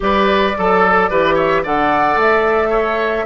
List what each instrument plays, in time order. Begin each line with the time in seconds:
0.00 bassoon G3, clarinet G4, oboe B4, flute D5
0.57 bassoon F#3, clarinet A4, oboe A4
1.10 bassoon E3, clarinet G4, oboe B4
1.34 oboe C#5, flute E5
1.63 bassoon D3, clarinet A4, oboe D5, flute F#5
2.16 bassoon A3, flute E5
2.69 oboe C#5